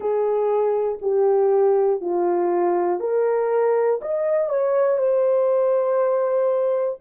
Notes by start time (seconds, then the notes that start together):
0.00 G#4
1.01 G4
2.00 F4
3.00 A#4
4.01 D#5
4.49 C#5
4.97 C5